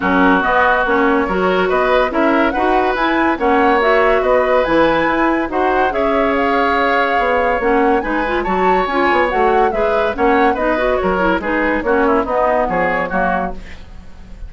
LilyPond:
<<
  \new Staff \with { instrumentName = "flute" } { \time 4/4 \tempo 4 = 142 ais'4 dis''4 cis''2 | dis''4 e''4 fis''4 gis''4 | fis''4 e''4 dis''4 gis''4~ | gis''4 fis''4 e''4 f''4~ |
f''2 fis''4 gis''4 | a''4 gis''4 fis''4 e''4 | fis''4 dis''4 cis''4 b'4 | cis''4 dis''4 cis''2 | }
  \new Staff \with { instrumentName = "oboe" } { \time 4/4 fis'2. ais'4 | b'4 ais'4 b'2 | cis''2 b'2~ | b'4 c''4 cis''2~ |
cis''2. b'4 | cis''2. b'4 | cis''4 b'4 ais'4 gis'4 | fis'8 e'8 dis'4 gis'4 fis'4 | }
  \new Staff \with { instrumentName = "clarinet" } { \time 4/4 cis'4 b4 cis'4 fis'4~ | fis'4 e'4 fis'4 e'4 | cis'4 fis'2 e'4~ | e'4 fis'4 gis'2~ |
gis'2 cis'4 dis'8 f'8 | fis'4 f'4 fis'4 gis'4 | cis'4 dis'8 fis'4 e'8 dis'4 | cis'4 b2 ais4 | }
  \new Staff \with { instrumentName = "bassoon" } { \time 4/4 fis4 b4 ais4 fis4 | b4 cis'4 dis'4 e'4 | ais2 b4 e4 | e'4 dis'4 cis'2~ |
cis'4 b4 ais4 gis4 | fis4 cis'8 b8 a4 gis4 | ais4 b4 fis4 gis4 | ais4 b4 f4 fis4 | }
>>